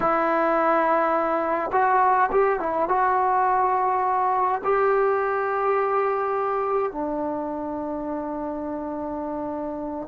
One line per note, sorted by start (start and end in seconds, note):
0.00 1.70 E4
1.72 2.29 F#4
2.31 2.59 G4
2.59 2.88 E4
2.88 4.61 F#4
4.64 6.92 G4
6.92 10.07 D4